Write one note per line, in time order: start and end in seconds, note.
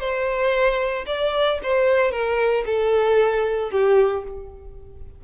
0.00 1.05 C5
1.06 1.59 D5
1.63 2.12 C5
2.12 2.64 A#4
2.66 3.71 A4
3.71 4.24 G4